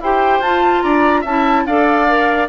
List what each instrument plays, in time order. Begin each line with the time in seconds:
0.00 bassoon E4, clarinet G4, oboe C5, flute G5
0.39 bassoon F4, clarinet F4, flute A5
0.81 bassoon D4, oboe D5, flute A#5
1.21 bassoon C#4, oboe E5, flute A5
1.27 clarinet E4
1.65 bassoon D4, clarinet A4, oboe D5, flute F5
2.08 clarinet A#4